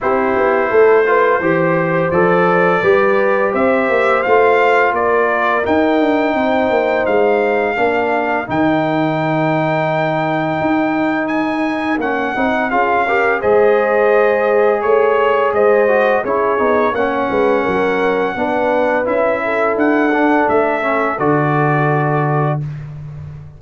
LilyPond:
<<
  \new Staff \with { instrumentName = "trumpet" } { \time 4/4 \tempo 4 = 85 c''2. d''4~ | d''4 e''4 f''4 d''4 | g''2 f''2 | g''1 |
gis''4 fis''4 f''4 dis''4~ | dis''4 cis''4 dis''4 cis''4 | fis''2. e''4 | fis''4 e''4 d''2 | }
  \new Staff \with { instrumentName = "horn" } { \time 4/4 g'4 a'8 b'8 c''2 | b'4 c''2 ais'4~ | ais'4 c''2 ais'4~ | ais'1~ |
ais'2 gis'8 ais'8 c''4~ | c''4 cis''4 c''4 gis'4 | cis''8 b'8 ais'4 b'4. a'8~ | a'1 | }
  \new Staff \with { instrumentName = "trombone" } { \time 4/4 e'4. f'8 g'4 a'4 | g'2 f'2 | dis'2. d'4 | dis'1~ |
dis'4 cis'8 dis'8 f'8 g'8 gis'4~ | gis'2~ gis'8 fis'8 e'8 dis'8 | cis'2 d'4 e'4~ | e'8 d'4 cis'8 fis'2 | }
  \new Staff \with { instrumentName = "tuba" } { \time 4/4 c'8 b8 a4 e4 f4 | g4 c'8 ais8 a4 ais4 | dis'8 d'8 c'8 ais8 gis4 ais4 | dis2. dis'4~ |
dis'4 ais8 c'8 cis'4 gis4~ | gis4 a4 gis4 cis'8 b8 | ais8 gis8 fis4 b4 cis'4 | d'4 a4 d2 | }
>>